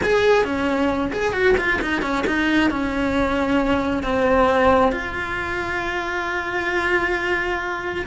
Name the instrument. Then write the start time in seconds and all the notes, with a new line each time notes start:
cello
0.03 G#4
0.44 C#4
1.12 G#4
1.32 F#4
1.57 F4
1.81 D#4
2.01 C#4
2.26 D#4
2.70 C#4
4.03 C4
4.92 F4